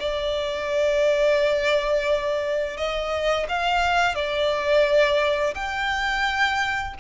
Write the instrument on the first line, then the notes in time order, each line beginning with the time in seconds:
violin
0.00 D5
2.77 D#5
3.49 F5
4.15 D5
5.55 G5